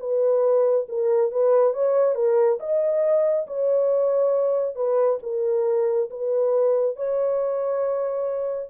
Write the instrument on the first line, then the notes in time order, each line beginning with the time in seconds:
horn
0.00 B4
0.89 A#4
1.32 B4
1.74 C#5
2.15 A#4
2.60 D#5
3.47 C#5
4.75 B4
5.23 A#4
6.10 B4
6.96 C#5